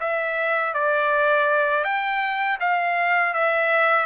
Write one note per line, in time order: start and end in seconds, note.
0.00 0.74 E5
0.74 1.84 D5
1.84 2.58 G5
2.60 3.34 F5
3.34 4.06 E5